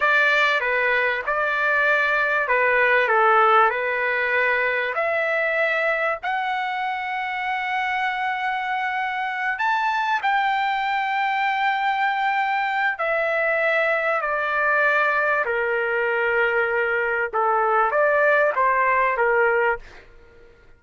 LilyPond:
\new Staff \with { instrumentName = "trumpet" } { \time 4/4 \tempo 4 = 97 d''4 b'4 d''2 | b'4 a'4 b'2 | e''2 fis''2~ | fis''2.~ fis''8 a''8~ |
a''8 g''2.~ g''8~ | g''4 e''2 d''4~ | d''4 ais'2. | a'4 d''4 c''4 ais'4 | }